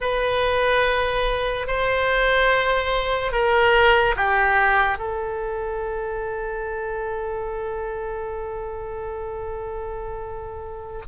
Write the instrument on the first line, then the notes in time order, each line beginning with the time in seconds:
oboe
0.00 B4
1.67 C5
3.31 A#4
4.16 G4
4.98 A4